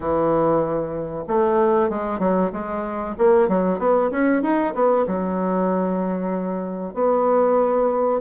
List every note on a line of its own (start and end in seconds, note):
0.00 1.24 E3
1.27 1.89 A3
1.89 2.19 G#3
2.19 2.51 F#3
2.52 3.15 G#3
3.18 3.48 A#3
3.48 3.78 F#3
3.78 4.10 B3
4.10 4.42 C#4
4.42 4.73 D#4
4.74 5.05 B3
5.07 6.94 F#3
6.94 8.20 B3